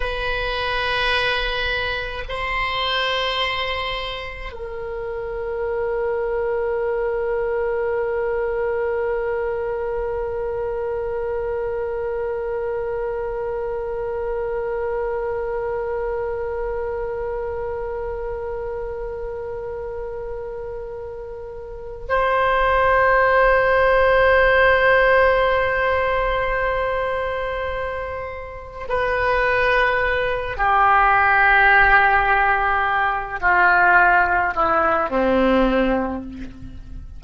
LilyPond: \new Staff \with { instrumentName = "oboe" } { \time 4/4 \tempo 4 = 53 b'2 c''2 | ais'1~ | ais'1~ | ais'1~ |
ais'2.~ ais'8 c''8~ | c''1~ | c''4. b'4. g'4~ | g'4. f'4 e'8 c'4 | }